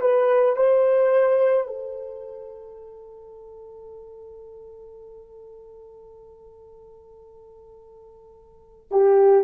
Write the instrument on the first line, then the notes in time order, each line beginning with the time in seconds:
horn
0.00 B4
0.56 C5
1.67 A4
8.91 G4